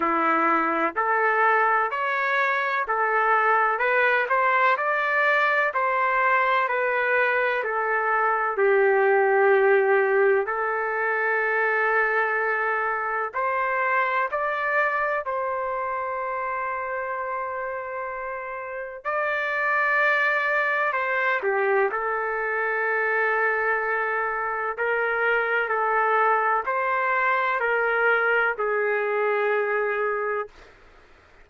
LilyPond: \new Staff \with { instrumentName = "trumpet" } { \time 4/4 \tempo 4 = 63 e'4 a'4 cis''4 a'4 | b'8 c''8 d''4 c''4 b'4 | a'4 g'2 a'4~ | a'2 c''4 d''4 |
c''1 | d''2 c''8 g'8 a'4~ | a'2 ais'4 a'4 | c''4 ais'4 gis'2 | }